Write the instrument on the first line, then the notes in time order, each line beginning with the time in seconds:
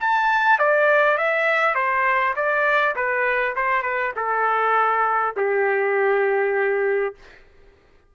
trumpet
0.00 A5
0.59 D5
1.17 E5
1.75 C5
2.36 D5
2.95 B4
3.55 C5
3.82 B4
4.16 A4
5.36 G4